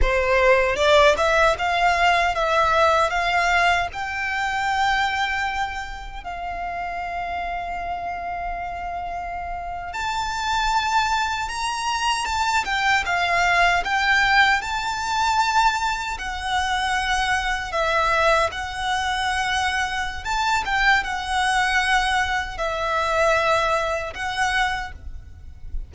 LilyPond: \new Staff \with { instrumentName = "violin" } { \time 4/4 \tempo 4 = 77 c''4 d''8 e''8 f''4 e''4 | f''4 g''2. | f''1~ | f''8. a''2 ais''4 a''16~ |
a''16 g''8 f''4 g''4 a''4~ a''16~ | a''8. fis''2 e''4 fis''16~ | fis''2 a''8 g''8 fis''4~ | fis''4 e''2 fis''4 | }